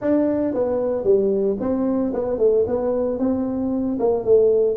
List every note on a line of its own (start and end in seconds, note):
0.01 0.54 D4
0.54 1.04 B3
1.04 1.57 G3
1.59 2.12 C4
2.13 2.38 B3
2.38 2.65 A3
2.67 3.19 B3
3.19 3.98 C4
3.99 4.24 A#3
4.24 4.76 A3